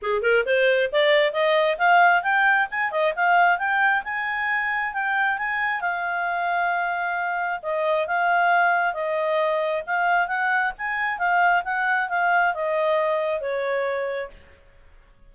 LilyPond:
\new Staff \with { instrumentName = "clarinet" } { \time 4/4 \tempo 4 = 134 gis'8 ais'8 c''4 d''4 dis''4 | f''4 g''4 gis''8 dis''8 f''4 | g''4 gis''2 g''4 | gis''4 f''2.~ |
f''4 dis''4 f''2 | dis''2 f''4 fis''4 | gis''4 f''4 fis''4 f''4 | dis''2 cis''2 | }